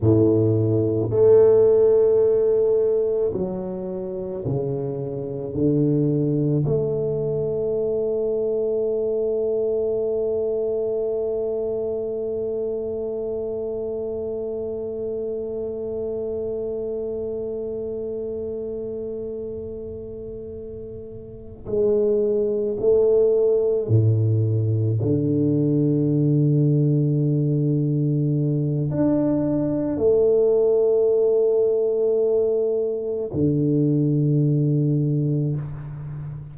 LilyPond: \new Staff \with { instrumentName = "tuba" } { \time 4/4 \tempo 4 = 54 a,4 a2 fis4 | cis4 d4 a2~ | a1~ | a1~ |
a2.~ a8 gis8~ | gis8 a4 a,4 d4.~ | d2 d'4 a4~ | a2 d2 | }